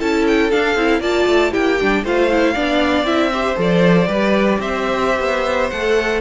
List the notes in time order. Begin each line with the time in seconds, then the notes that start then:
0.00 C#4 E4 A4 A5
0.28 G5
0.51 D4 F5
0.76 C4 E4
1.01 A#3 F4 D5 A5
1.27 A3
1.52 A#3 E4 G4 G5
1.81 G3 D4
2.04 A3 F4 C5 F5
2.31 E4
2.54 B3 D4 D5
3.03 C4 E4 E5
3.33 G4 C5
3.56 F3 A4 D5
4.07 G3 G4 B4
4.60 C4 C5 E5
5.20 B3
5.70 A3 A4 F#5